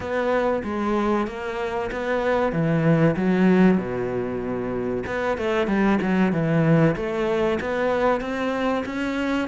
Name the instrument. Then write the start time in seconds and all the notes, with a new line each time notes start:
cello
0.00 B3
0.64 G#3
1.27 A#3
1.91 B3
2.52 E3
3.16 F#3
3.77 B2
5.06 B3
5.37 A3
5.67 G3
6.01 F#3
6.32 E3
6.96 A3
7.60 B3
8.20 C4
8.85 C#4